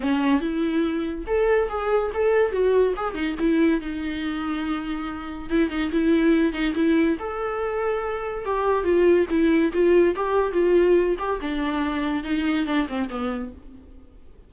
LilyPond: \new Staff \with { instrumentName = "viola" } { \time 4/4 \tempo 4 = 142 cis'4 e'2 a'4 | gis'4 a'4 fis'4 gis'8 dis'8 | e'4 dis'2.~ | dis'4 e'8 dis'8 e'4. dis'8 |
e'4 a'2. | g'4 f'4 e'4 f'4 | g'4 f'4. g'8 d'4~ | d'4 dis'4 d'8 c'8 b4 | }